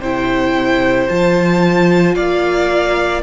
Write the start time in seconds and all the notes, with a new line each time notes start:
0.00 C3 E4 C5 G5
1.09 F3 F4 A5
2.15 A#3 D5 F5